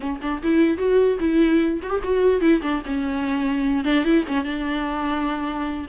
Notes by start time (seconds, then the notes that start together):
0.00 C#4
0.21 D4
0.43 E4
0.77 F#4
1.19 E4
1.82 F#4
1.89 G4
2.03 F#4
2.40 E4
2.61 D4
2.85 C#4
3.84 D4
4.04 E4
4.27 C#4
4.44 D4